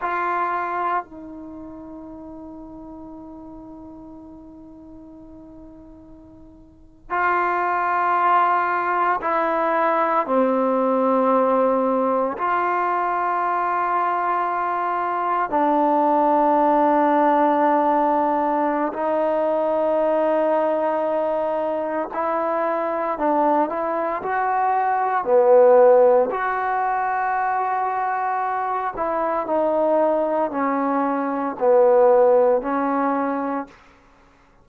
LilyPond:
\new Staff \with { instrumentName = "trombone" } { \time 4/4 \tempo 4 = 57 f'4 dis'2.~ | dis'2~ dis'8. f'4~ f'16~ | f'8. e'4 c'2 f'16~ | f'2~ f'8. d'4~ d'16~ |
d'2 dis'2~ | dis'4 e'4 d'8 e'8 fis'4 | b4 fis'2~ fis'8 e'8 | dis'4 cis'4 b4 cis'4 | }